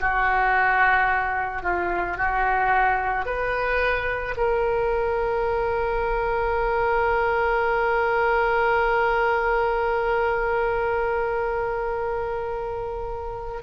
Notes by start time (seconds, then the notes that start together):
0.00 F#4
1.63 F4
2.17 F#4
3.25 B4
4.37 A#4